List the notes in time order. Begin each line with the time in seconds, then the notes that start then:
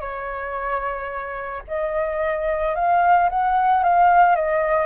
0.00 C#5
1.67 D#5
2.75 F5
3.29 F#5
3.83 F5
4.35 D#5